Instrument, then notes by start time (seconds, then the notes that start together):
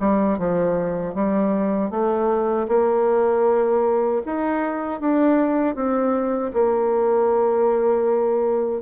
bassoon
0.00 G3
0.38 F3
1.14 G3
1.91 A3
2.68 A#3
4.26 D#4
5.00 D4
5.75 C4
6.53 A#3